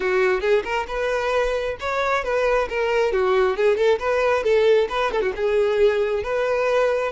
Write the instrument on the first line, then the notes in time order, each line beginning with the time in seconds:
violin
0.00 F#4
0.41 G#4
0.64 A#4
0.87 B4
1.80 C#5
2.24 B4
2.69 A#4
3.12 F#4
3.56 G#4
3.76 A4
3.99 B4
4.43 A4
4.89 B4
5.11 A4
5.21 F#4
5.36 G#4
6.23 B4